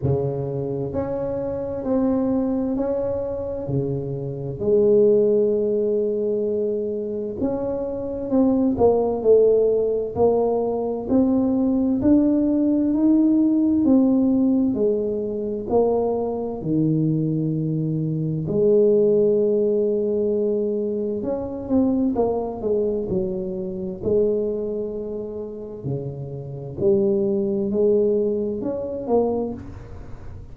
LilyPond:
\new Staff \with { instrumentName = "tuba" } { \time 4/4 \tempo 4 = 65 cis4 cis'4 c'4 cis'4 | cis4 gis2. | cis'4 c'8 ais8 a4 ais4 | c'4 d'4 dis'4 c'4 |
gis4 ais4 dis2 | gis2. cis'8 c'8 | ais8 gis8 fis4 gis2 | cis4 g4 gis4 cis'8 ais8 | }